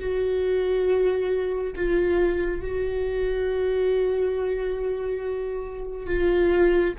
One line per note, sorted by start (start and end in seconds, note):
0.00 1.74 F#4
1.76 2.61 F4
2.61 6.07 F#4
6.07 6.94 F4